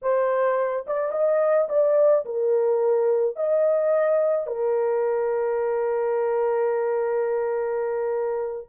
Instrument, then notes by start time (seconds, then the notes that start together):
horn
0.02 C5
0.87 D5
1.11 D#5
1.68 D5
2.25 A#4
3.35 D#5
4.46 A#4